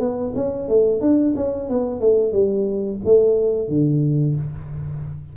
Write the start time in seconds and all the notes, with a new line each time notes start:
0.00 B3
0.36 C#4
0.69 A3
1.01 D4
1.36 C#4
1.69 B3
2.01 A3
2.33 G3
3.05 A3
3.69 D3